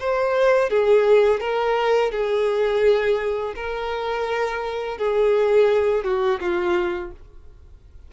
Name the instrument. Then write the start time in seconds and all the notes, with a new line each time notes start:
violin
0.00 C5
0.70 G#4
1.41 A#4
2.11 G#4
3.56 A#4
4.98 G#4
6.04 F#4
6.40 F4